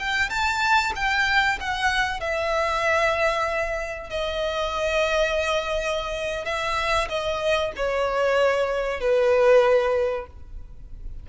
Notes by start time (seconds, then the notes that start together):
0.00 G5
0.30 A5
0.96 G5
1.60 F#5
2.21 E5
4.10 D#5
6.45 E5
7.09 D#5
7.77 C#5
9.01 B4